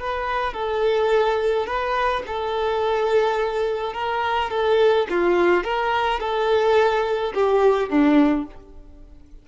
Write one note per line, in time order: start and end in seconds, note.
0.00 0.54 B4
0.54 1.67 A4
1.67 2.23 B4
2.27 3.94 A4
3.94 4.51 A#4
4.51 5.08 A4
5.10 5.64 F4
5.64 6.20 A#4
6.20 7.34 A4
7.35 7.90 G4
7.90 8.46 D4